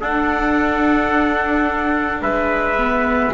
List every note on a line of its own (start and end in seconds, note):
0.00 2.21 D4
0.00 2.77 D4
0.00 2.21 A4
0.00 2.22 F#5
2.21 3.32 G#3
2.21 3.32 B4
2.21 3.33 E5
2.77 3.33 B3